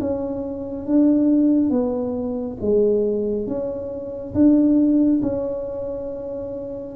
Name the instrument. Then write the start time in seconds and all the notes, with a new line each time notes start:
tuba
0.00 C#4
0.86 D4
1.70 B3
2.61 G#3
3.47 C#4
4.34 D4
5.22 C#4